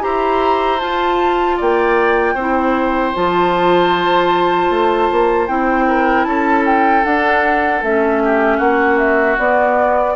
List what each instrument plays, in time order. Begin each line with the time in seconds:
0.00 bassoon E4, clarinet G4, oboe C5, flute A#5
0.80 clarinet F4, bassoon F4, flute A5
1.57 bassoon A#3, oboe D5, flute G5
2.34 bassoon C4, clarinet E4, oboe C5
3.14 bassoon F3, clarinet F4, flute A5
4.70 bassoon A3
5.11 bassoon A#3
5.47 bassoon C4, clarinet E4, flute G5
5.87 oboe A#4
6.24 bassoon C#4, oboe A4, flute A5
6.65 flute G5
7.04 bassoon D4, clarinet D4, flute F#5
7.82 bassoon A3, clarinet C#4, flute E5
8.24 oboe G4
8.57 bassoon A#3, oboe F#4, flute F#5
8.98 flute E5
9.38 bassoon B3, clarinet B3, flute D5